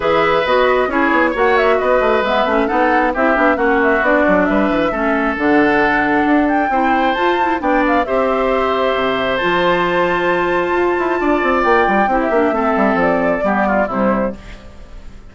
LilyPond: <<
  \new Staff \with { instrumentName = "flute" } { \time 4/4 \tempo 4 = 134 e''4 dis''4 cis''4 fis''8 e''8 | dis''4 e''4 fis''4 e''4 | fis''8 e''8 d''4 e''2 | fis''2~ fis''8 g''4. |
a''4 g''8 f''8 e''2~ | e''4 a''2.~ | a''2 g''4~ g''16 e''8.~ | e''4 d''2 c''4 | }
  \new Staff \with { instrumentName = "oboe" } { \time 4/4 b'2 gis'4 cis''4 | b'2 a'4 g'4 | fis'2 b'4 a'4~ | a'2. c''4~ |
c''4 d''4 c''2~ | c''1~ | c''4 d''2 g'4 | a'2 g'8 f'8 e'4 | }
  \new Staff \with { instrumentName = "clarinet" } { \time 4/4 gis'4 fis'4 e'4 fis'4~ | fis'4 b8 cis'8 dis'4 e'8 d'8 | cis'4 d'2 cis'4 | d'2. e'4 |
f'8 e'8 d'4 g'2~ | g'4 f'2.~ | f'2. e'8 d'8 | c'2 b4 g4 | }
  \new Staff \with { instrumentName = "bassoon" } { \time 4/4 e4 b4 cis'8 b8 ais4 | b8 a8 gis8 a8 b4 c'8 b8 | ais4 b8 fis8 g8 e8 a4 | d2 d'4 c'4 |
f'4 b4 c'2 | c4 f2. | f'8 e'8 d'8 c'8 ais8 g8 c'8 ais8 | a8 g8 f4 g4 c4 | }
>>